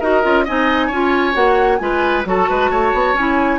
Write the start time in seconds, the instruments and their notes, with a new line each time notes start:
0.00 bassoon D#4, clarinet F#4, oboe A#4, flute D#5
0.23 bassoon C#4, clarinet F4
0.45 bassoon C4, clarinet D#4, oboe D#5, flute G#5
0.87 bassoon C#4, clarinet F4, oboe C#5
1.33 bassoon A#3, clarinet F#4, flute F#5
1.78 bassoon G#3, clarinet F4, oboe B4, flute G#5
2.25 bassoon F#3, clarinet F#4, oboe A4, flute A5
2.49 bassoon G#3, oboe B4
2.70 bassoon A3, oboe C#5
2.94 bassoon B3
3.13 bassoon C#4, clarinet E4, flute G#5